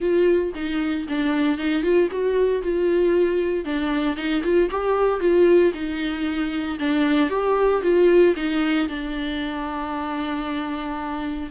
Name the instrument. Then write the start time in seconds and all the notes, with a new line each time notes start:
viola
0.00 F4
0.54 D#4
1.08 D4
1.57 D#4
1.82 F4
2.11 F#4
2.62 F4
3.64 D4
4.16 D#4
4.43 F4
4.70 G4
5.20 F4
5.74 D#4
6.79 D4
7.29 G4
7.82 F4
8.35 D#4
8.88 D4